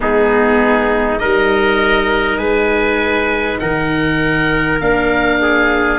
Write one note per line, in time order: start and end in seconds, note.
0.00 1.21 G#3
0.00 1.19 B3
0.00 1.20 D#4
0.00 1.18 G#4
1.18 2.37 G3
1.18 4.79 D#4
1.18 2.39 A#4
1.18 2.38 D#5
2.37 3.56 G#3
2.37 3.58 B4
2.37 3.58 G#5
3.59 4.80 D#3
3.59 5.39 A#4
3.59 4.79 F#5
4.79 5.99 A#3
4.79 5.99 D4
4.79 5.99 F5
5.41 5.99 G#4